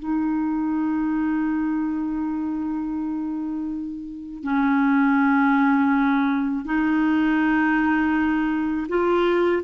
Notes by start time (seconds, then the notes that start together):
0.00 D#4
4.44 C#4
6.65 D#4
8.89 F4